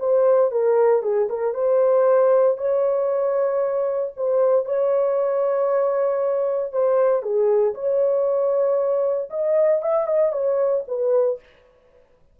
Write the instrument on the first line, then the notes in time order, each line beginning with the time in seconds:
horn
0.00 C5
0.51 A#4
1.03 G#4
1.30 A#4
1.54 C5
2.58 C#5
4.17 C5
4.66 C#5
6.73 C5
7.23 G#4
7.75 C#5
9.31 D#5
9.82 E5
10.07 D#5
10.33 C#5
10.88 B4